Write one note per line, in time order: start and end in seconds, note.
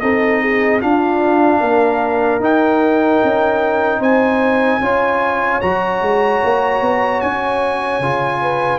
0.00 0.82 C4
0.00 0.81 D#4
0.00 0.42 A4
0.00 0.80 D#5
0.42 0.81 G#4
0.81 2.41 D4
0.81 1.62 D4
0.81 1.60 F4
0.81 2.42 F5
1.60 2.39 A#3
1.60 3.99 A#4
2.39 3.19 D#4
2.39 4.81 D#4
2.39 4.02 G5
3.24 3.99 C#4
3.99 4.79 C4
3.99 4.79 C5
3.99 5.61 G#5
4.81 5.61 C#4
4.81 5.62 F4
4.81 8.42 C#5
5.61 6.01 F#3
5.61 8.02 F#4
5.61 7.21 A#5
6.01 6.41 G#3
6.44 6.81 A#3
6.81 7.21 B3
7.21 8.00 C#4
7.21 8.78 G#5
8.00 8.78 C#3
8.00 8.78 F4
8.42 8.78 B4